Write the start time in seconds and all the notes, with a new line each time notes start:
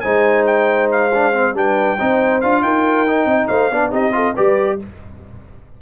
0.00 G#3 D#4 C5 G#5
0.46 G5
0.91 F5
1.14 D4
1.33 C4
1.54 G3 D4 B4 G5
1.98 C4 D#4 C5
2.41 D4 F4 F5
2.62 D#4 A#4 G5
3.07 D#4
3.25 C4 D#5
3.47 A3 C5 F5
3.71 B3 D4 D5
3.91 C4 D#4 G4 D#5
4.12 F4 A4
4.34 G3 G4 B4 D5